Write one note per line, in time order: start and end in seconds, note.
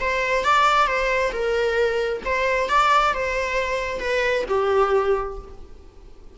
0.00 0.44 C5
0.44 0.87 D5
0.87 1.32 C5
1.32 2.22 A#4
2.25 2.69 C5
2.69 3.14 D5
3.14 4.00 C5
4.00 4.44 B4
4.48 5.38 G4